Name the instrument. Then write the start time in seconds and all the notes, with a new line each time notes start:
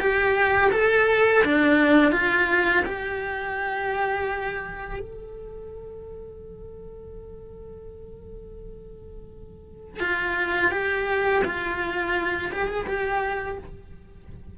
cello
0.00 G4
0.72 A4
1.44 D4
2.12 F4
2.86 G4
5.00 A4
10.00 F4
10.72 G4
11.44 F4
12.52 G4
12.68 G#4
12.87 G4